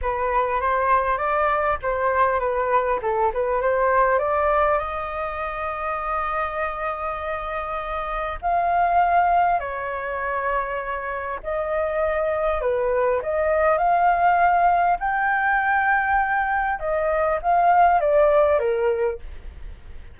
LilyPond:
\new Staff \with { instrumentName = "flute" } { \time 4/4 \tempo 4 = 100 b'4 c''4 d''4 c''4 | b'4 a'8 b'8 c''4 d''4 | dis''1~ | dis''2 f''2 |
cis''2. dis''4~ | dis''4 b'4 dis''4 f''4~ | f''4 g''2. | dis''4 f''4 d''4 ais'4 | }